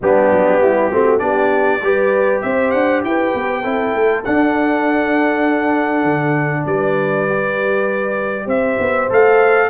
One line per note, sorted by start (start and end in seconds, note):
0.01 0.31 G3
0.01 0.91 B3
0.01 0.61 D4
0.01 1.19 G4
0.31 0.60 F#3
0.60 0.91 G3
0.60 0.90 E4
0.90 1.20 A3
0.90 1.18 C4
0.90 1.20 F#4
1.18 1.81 B3
1.18 1.79 D4
1.18 1.81 G4
1.18 2.40 D5
1.81 2.42 G3
1.81 3.63 G4
1.81 2.43 B4
2.41 2.74 C4
2.41 3.03 C5
2.41 2.70 E5
2.70 3.03 D4
2.70 3.01 F#5
3.03 3.33 E4
3.03 3.60 B4
3.03 4.24 G5
3.34 3.64 B3
3.60 3.94 C4
3.60 4.23 E4
3.60 6.63 A4
3.94 4.24 A3
4.24 7.28 D4
4.24 6.03 D4
4.24 6.66 F#5
6.03 6.64 D3
6.66 8.46 G3
6.66 8.45 B4
6.66 8.48 D5
7.28 9.09 G4
8.45 8.77 C4
8.45 9.67 C5
8.45 9.09 E5
8.78 9.09 B3
9.09 9.69 A3
9.09 9.69 A4
9.09 9.69 F5